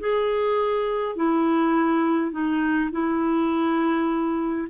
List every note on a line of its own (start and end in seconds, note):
0.00 1.16 G#4
1.16 2.32 E4
2.32 2.90 D#4
2.91 4.68 E4